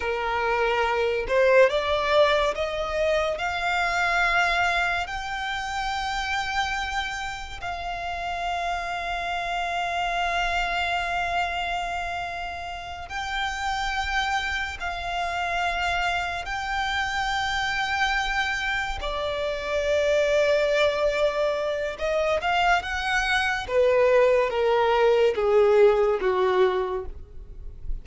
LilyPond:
\new Staff \with { instrumentName = "violin" } { \time 4/4 \tempo 4 = 71 ais'4. c''8 d''4 dis''4 | f''2 g''2~ | g''4 f''2.~ | f''2.~ f''8 g''8~ |
g''4. f''2 g''8~ | g''2~ g''8 d''4.~ | d''2 dis''8 f''8 fis''4 | b'4 ais'4 gis'4 fis'4 | }